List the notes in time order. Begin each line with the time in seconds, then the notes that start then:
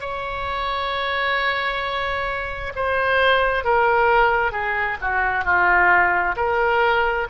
0.00 C#5
2.75 C5
3.64 A#4
4.52 G#4
5.01 F#4
5.45 F4
6.36 A#4